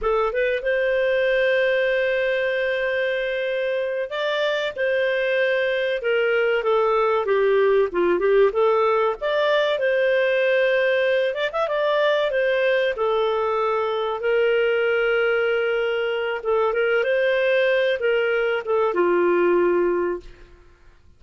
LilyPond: \new Staff \with { instrumentName = "clarinet" } { \time 4/4 \tempo 4 = 95 a'8 b'8 c''2.~ | c''2~ c''8 d''4 c''8~ | c''4. ais'4 a'4 g'8~ | g'8 f'8 g'8 a'4 d''4 c''8~ |
c''2 d''16 e''16 d''4 c''8~ | c''8 a'2 ais'4.~ | ais'2 a'8 ais'8 c''4~ | c''8 ais'4 a'8 f'2 | }